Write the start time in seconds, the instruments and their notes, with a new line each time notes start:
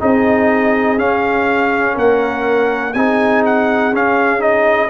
0.00 tuba C4, trombone D#4, horn G#4, trumpet D#5
0.98 trombone C#4, tuba C#4, trumpet F5
1.94 tuba A#3, horn A#4, trumpet F#5
2.94 tuba C4, trombone D#4, horn G#4, trumpet G#5
3.46 trumpet F#5
3.93 tuba C#4, trombone C#4, trumpet F5
4.40 trombone D#4, trumpet D#5